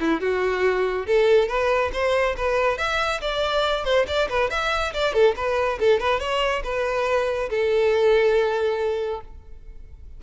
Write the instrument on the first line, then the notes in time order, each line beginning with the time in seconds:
violin
0.00 E4
0.21 F#4
1.07 A4
1.49 B4
1.93 C5
2.37 B4
2.78 E5
3.21 D5
3.85 C5
4.08 D5
4.30 B4
4.51 E5
4.94 D5
5.14 A4
5.36 B4
5.80 A4
6.00 B4
6.20 C#5
6.64 B4
7.50 A4